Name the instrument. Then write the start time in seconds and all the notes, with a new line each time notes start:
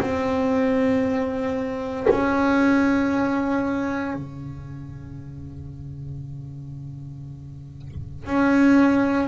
double bass
0.00 C4
2.10 C#4
4.14 C#3
8.26 C#4